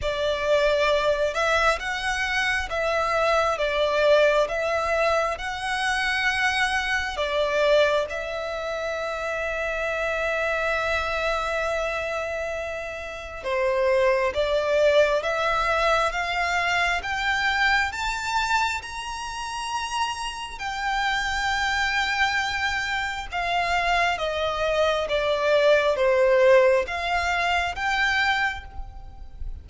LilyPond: \new Staff \with { instrumentName = "violin" } { \time 4/4 \tempo 4 = 67 d''4. e''8 fis''4 e''4 | d''4 e''4 fis''2 | d''4 e''2.~ | e''2. c''4 |
d''4 e''4 f''4 g''4 | a''4 ais''2 g''4~ | g''2 f''4 dis''4 | d''4 c''4 f''4 g''4 | }